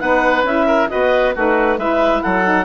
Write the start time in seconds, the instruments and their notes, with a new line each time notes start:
0.00 bassoon B3, saxophone D#4, oboe B4, clarinet F#5
0.43 bassoon C#4, saxophone E4, clarinet E5
0.67 oboe A#4
0.89 bassoon B3, saxophone F#4, oboe B4, clarinet D#5
1.35 bassoon A3, saxophone D#4, oboe F#4, clarinet B4
1.77 bassoon G#3, saxophone E4, oboe B4, clarinet E5
2.22 bassoon F#3, oboe A4, clarinet F#5
2.44 saxophone D#4